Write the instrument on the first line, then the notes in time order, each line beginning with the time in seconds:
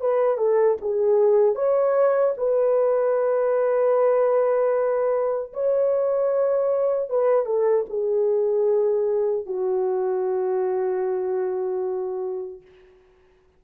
horn
0.00 B4
0.37 A4
0.81 G#4
1.55 C#5
2.37 B4
5.53 C#5
7.09 B4
7.45 A4
7.89 G#4
9.46 F#4